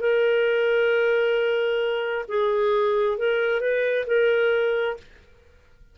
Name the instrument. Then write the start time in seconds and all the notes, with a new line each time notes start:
clarinet
0.00 A#4
2.28 G#4
3.18 A#4
3.60 B4
4.07 A#4